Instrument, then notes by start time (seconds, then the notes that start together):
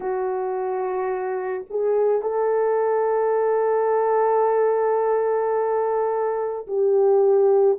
horn
0.00 F#4
1.69 G#4
2.22 A4
6.67 G4